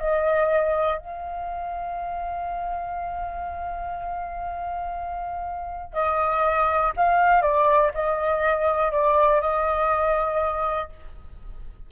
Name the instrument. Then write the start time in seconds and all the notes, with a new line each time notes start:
flute
0.00 D#5
0.99 F5
5.94 D#5
6.97 F5
7.42 D5
7.95 D#5
8.92 D5
9.41 D#5